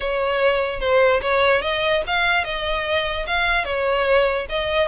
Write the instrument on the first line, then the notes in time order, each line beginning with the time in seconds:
violin
0.00 C#5
0.80 C5
1.21 C#5
1.61 D#5
2.06 F5
2.44 D#5
3.26 F5
3.64 C#5
4.49 D#5